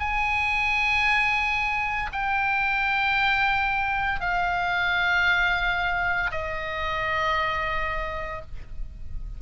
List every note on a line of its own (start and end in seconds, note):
0.00 2.11 G#5
2.12 4.21 G5
4.21 6.31 F5
6.32 8.42 D#5